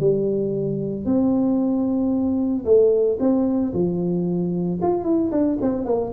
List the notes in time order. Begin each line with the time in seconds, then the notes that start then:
0.00 G3
1.05 C4
2.65 A3
3.20 C4
3.74 F3
4.82 F4
5.04 E4
5.31 D4
5.62 C4
5.86 A#3